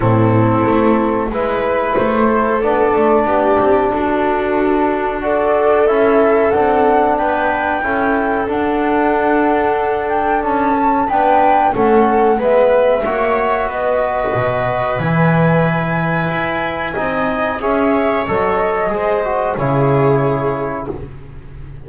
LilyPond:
<<
  \new Staff \with { instrumentName = "flute" } { \time 4/4 \tempo 4 = 92 a'2 b'4 c''4 | d''2 a'2 | d''4 e''4 fis''4 g''4~ | g''4 fis''2~ fis''8 g''8 |
a''4 g''4 fis''4 e''4~ | e''4 dis''2 gis''4~ | gis''2. e''4 | dis''2 cis''2 | }
  \new Staff \with { instrumentName = "viola" } { \time 4/4 e'2 b'4. a'8~ | a'4 g'4 fis'2 | a'2. b'4 | a'1~ |
a'4 b'4 a'4 b'4 | cis''4 b'2.~ | b'2 dis''4 cis''4~ | cis''4 c''4 gis'2 | }
  \new Staff \with { instrumentName = "trombone" } { \time 4/4 c'2 e'2 | d'1 | fis'4 e'4 d'2 | e'4 d'2.~ |
d'8 cis'8 d'4 cis'4 b4 | fis'2. e'4~ | e'2 dis'4 gis'4 | a'4 gis'8 fis'8 e'2 | }
  \new Staff \with { instrumentName = "double bass" } { \time 4/4 a,4 a4 gis4 a4 | b8 a8 b8 c'8 d'2~ | d'4 cis'4 c'4 b4 | cis'4 d'2. |
cis'4 b4 a4 gis4 | ais4 b4 b,4 e4~ | e4 e'4 c'4 cis'4 | fis4 gis4 cis2 | }
>>